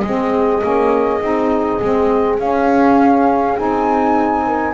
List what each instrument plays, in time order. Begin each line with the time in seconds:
0.00 double bass G#3, saxophone C4, horn G#4, flute D#5
0.61 double bass A#3, saxophone C#4
1.21 double bass C4, saxophone D#4
1.81 double bass G#3, saxophone C4
2.39 double bass C#4, saxophone C#4, flute F5
3.56 double bass C4, saxophone D#4, flute G#5
4.46 horn A#4